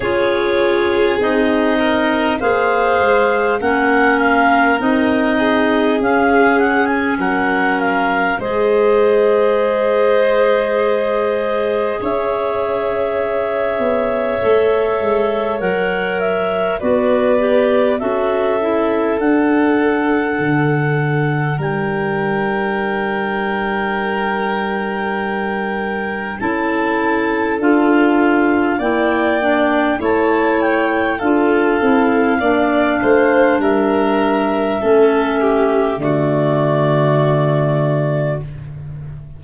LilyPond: <<
  \new Staff \with { instrumentName = "clarinet" } { \time 4/4 \tempo 4 = 50 cis''4 dis''4 f''4 fis''8 f''8 | dis''4 f''8 fis''16 gis''16 fis''8 f''8 dis''4~ | dis''2 e''2~ | e''4 fis''8 e''8 d''4 e''4 |
fis''2 g''2~ | g''2 a''4 f''4 | g''4 a''8 g''8 f''2 | e''2 d''2 | }
  \new Staff \with { instrumentName = "violin" } { \time 4/4 gis'4. ais'8 c''4 ais'4~ | ais'8 gis'4. ais'4 c''4~ | c''2 cis''2~ | cis''2 b'4 a'4~ |
a'2 ais'2~ | ais'2 a'2 | d''4 cis''4 a'4 d''8 c''8 | ais'4 a'8 g'8 fis'2 | }
  \new Staff \with { instrumentName = "clarinet" } { \time 4/4 f'4 dis'4 gis'4 cis'4 | dis'4 cis'2 gis'4~ | gis'1 | a'4 ais'4 fis'8 g'8 fis'8 e'8 |
d'1~ | d'2 e'4 f'4 | e'8 d'8 e'4 f'8 e'8 d'4~ | d'4 cis'4 a2 | }
  \new Staff \with { instrumentName = "tuba" } { \time 4/4 cis'4 c'4 ais8 gis8 ais4 | c'4 cis'4 fis4 gis4~ | gis2 cis'4. b8 | a8 gis8 fis4 b4 cis'4 |
d'4 d4 g2~ | g2 cis'4 d'4 | ais4 a4 d'8 c'8 ais8 a8 | g4 a4 d2 | }
>>